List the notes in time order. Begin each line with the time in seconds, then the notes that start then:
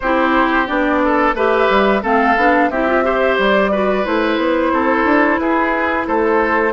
0.00 C4 E4 G4 C5
0.66 B3 D4 D5
1.04 A4
1.33 A3 G4 B4 E5
1.69 G3
2.02 A3 C4 A4 F5
2.37 B3 D4
2.70 C4 E4 G4 E5
2.87 F4
3.03 G4 C5
3.38 G3 D5
3.71 F#4 B4
4.04 A3 E4 C5
4.37 B3
4.72 C4 A4
5.04 D4
5.38 E4 G#4 B4
6.07 A3 A4 C5